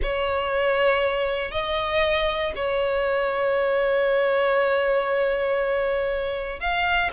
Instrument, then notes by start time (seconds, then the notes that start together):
violin
0.02 C#5
1.51 D#5
2.55 C#5
6.60 F5